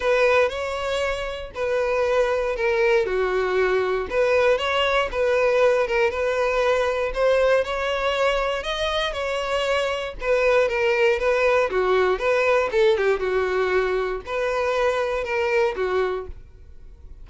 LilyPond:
\new Staff \with { instrumentName = "violin" } { \time 4/4 \tempo 4 = 118 b'4 cis''2 b'4~ | b'4 ais'4 fis'2 | b'4 cis''4 b'4. ais'8 | b'2 c''4 cis''4~ |
cis''4 dis''4 cis''2 | b'4 ais'4 b'4 fis'4 | b'4 a'8 g'8 fis'2 | b'2 ais'4 fis'4 | }